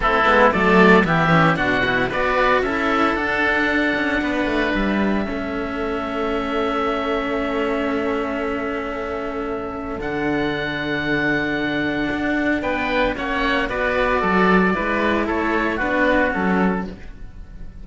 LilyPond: <<
  \new Staff \with { instrumentName = "oboe" } { \time 4/4 \tempo 4 = 114 a'4 d''4 e''4 fis''4 | d''4 e''4 fis''2~ | fis''4 e''2.~ | e''1~ |
e''2. fis''4~ | fis''1 | g''4 fis''4 d''2~ | d''4 cis''4 b'4 a'4 | }
  \new Staff \with { instrumentName = "oboe" } { \time 4/4 e'4 a'4 g'4 fis'4 | b'4 a'2. | b'2 a'2~ | a'1~ |
a'1~ | a'1 | b'4 cis''4 b'4 a'4 | b'4 a'4 fis'2 | }
  \new Staff \with { instrumentName = "cello" } { \time 4/4 c'8 b8 a4 b8 cis'8 d'8 e'8 | fis'4 e'4 d'2~ | d'2 cis'2~ | cis'1~ |
cis'2. d'4~ | d'1~ | d'4 cis'4 fis'2 | e'2 d'4 cis'4 | }
  \new Staff \with { instrumentName = "cello" } { \time 4/4 a8 gis8 fis4 e4 b,4 | b4 cis'4 d'4. cis'8 | b8 a8 g4 a2~ | a1~ |
a2. d4~ | d2. d'4 | b4 ais4 b4 fis4 | gis4 a4 b4 fis4 | }
>>